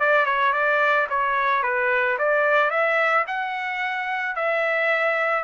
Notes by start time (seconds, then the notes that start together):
0.00 D5
0.26 C#5
0.53 D5
1.10 C#5
1.63 B4
2.18 D5
2.71 E5
3.27 F#5
4.36 E5